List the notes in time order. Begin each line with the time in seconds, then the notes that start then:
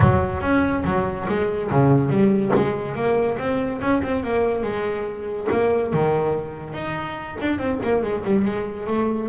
0.00 F#3
0.41 C#4
0.84 F#3
1.28 G#3
1.70 C#3
2.09 G3
2.55 G#3
2.95 A#3
3.38 C4
3.81 C#4
4.02 C4
4.23 A#3
4.63 G#3
5.51 A#3
5.93 D#3
6.73 D#4
7.41 D4
7.58 C4
7.83 A#3
8.02 G#3
8.24 G3
8.44 G#3
8.86 A3